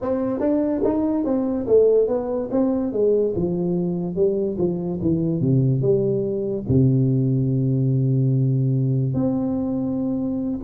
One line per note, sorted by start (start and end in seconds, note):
0.01 0.39 C4
0.39 0.81 D4
0.84 1.24 D#4
1.24 1.66 C4
1.67 2.07 A3
2.07 2.49 B3
2.51 2.92 C4
2.92 3.33 G#3
3.35 4.15 F3
4.15 4.57 G3
4.58 4.99 F3
5.01 5.40 E3
5.40 5.81 C3
5.81 6.64 G3
6.68 9.14 C3
9.14 10.59 C4